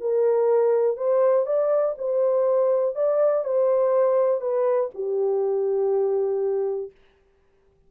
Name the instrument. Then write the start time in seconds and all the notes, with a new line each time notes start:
horn
0.00 A#4
0.96 C5
1.46 D5
1.98 C5
2.95 D5
3.44 C5
4.41 B4
4.94 G4